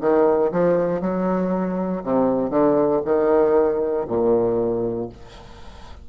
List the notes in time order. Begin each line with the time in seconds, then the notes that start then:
0.00 D#3
0.51 F3
1.01 F#3
2.03 C3
2.50 D3
3.05 D#3
4.07 A#2